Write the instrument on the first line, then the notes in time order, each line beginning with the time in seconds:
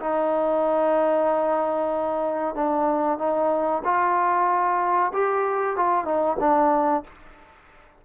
trombone
0.00 D#4
2.55 D4
3.19 D#4
3.84 F4
5.13 G4
5.76 F4
6.05 D#4
6.40 D4